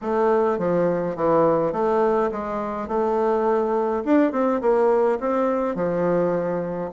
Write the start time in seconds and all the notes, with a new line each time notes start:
0.01 A3
0.58 F3
1.16 E3
1.72 A3
2.31 G#3
2.88 A3
4.05 D4
4.32 C4
4.61 A#3
5.20 C4
5.75 F3